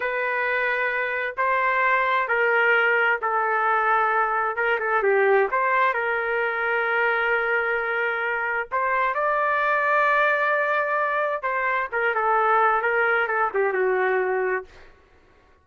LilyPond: \new Staff \with { instrumentName = "trumpet" } { \time 4/4 \tempo 4 = 131 b'2. c''4~ | c''4 ais'2 a'4~ | a'2 ais'8 a'8 g'4 | c''4 ais'2.~ |
ais'2. c''4 | d''1~ | d''4 c''4 ais'8 a'4. | ais'4 a'8 g'8 fis'2 | }